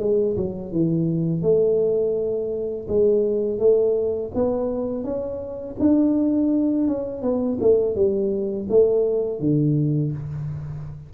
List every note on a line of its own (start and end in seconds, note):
0.00 0.36 G#3
0.37 0.72 F#3
0.72 1.43 E3
1.43 2.87 A3
2.88 3.59 G#3
3.59 4.31 A3
4.35 5.04 B3
5.04 5.76 C#4
5.80 6.88 D4
6.88 7.22 C#4
7.22 7.58 B3
7.61 7.96 A3
7.96 8.68 G3
8.69 9.40 A3
9.40 10.12 D3